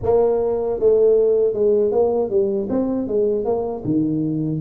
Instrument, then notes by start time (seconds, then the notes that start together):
tuba
0.02 A#3
0.79 A3
1.53 G#3
1.91 A#3
2.30 G3
2.69 C4
3.07 G#3
3.44 A#3
3.85 D#3